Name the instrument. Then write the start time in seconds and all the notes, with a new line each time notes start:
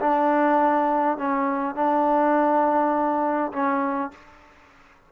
trombone
0.00 D4
1.18 C#4
1.76 D4
3.52 C#4